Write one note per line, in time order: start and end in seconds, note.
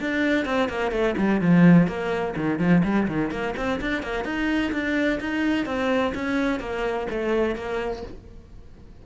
0.00 0.45 D4
0.45 0.69 C4
0.69 0.91 A#3
0.91 1.15 A3
1.17 1.41 G3
1.41 1.87 F3
1.87 2.35 A#3
2.36 2.59 D#3
2.59 2.83 F3
2.84 3.08 G3
3.08 3.31 D#3
3.31 3.55 A#3
3.56 3.80 C4
3.81 4.02 D4
4.02 4.25 A#3
4.25 4.72 D#4
4.72 5.19 D4
5.20 5.66 D#4
5.66 6.13 C4
6.14 6.59 C#4
6.59 7.07 A#3
7.10 7.55 A3
7.55 8.03 A#3